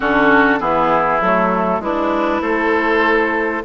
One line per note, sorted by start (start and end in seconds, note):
0.00 0.60 D3
0.00 0.59 C#4
0.00 0.59 F#4
0.00 0.59 A4
0.59 1.20 E3
0.59 1.20 B3
0.59 1.81 E4
0.59 1.20 G#4
1.20 1.79 F#3
1.20 1.81 A3
1.20 1.82 A4
1.79 2.40 G#3
1.79 2.41 D4
1.79 3.63 E4
1.79 2.42 B4
2.41 3.62 A3
2.41 3.62 A4
2.41 3.63 C5